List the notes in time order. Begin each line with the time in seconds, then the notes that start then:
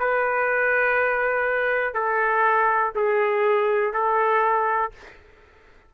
0.00 B4
1.94 A4
2.96 G#4
3.94 A4